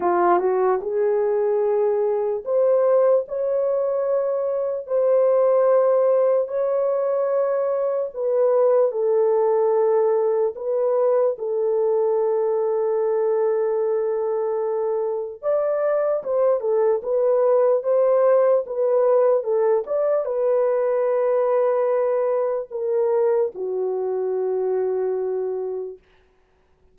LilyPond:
\new Staff \with { instrumentName = "horn" } { \time 4/4 \tempo 4 = 74 f'8 fis'8 gis'2 c''4 | cis''2 c''2 | cis''2 b'4 a'4~ | a'4 b'4 a'2~ |
a'2. d''4 | c''8 a'8 b'4 c''4 b'4 | a'8 d''8 b'2. | ais'4 fis'2. | }